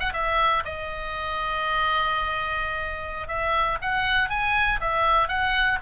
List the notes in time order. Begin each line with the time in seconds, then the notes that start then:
0.00 F#5
0.13 E5
0.65 D#5
3.28 E5
3.81 F#5
4.29 G#5
4.81 E5
5.28 F#5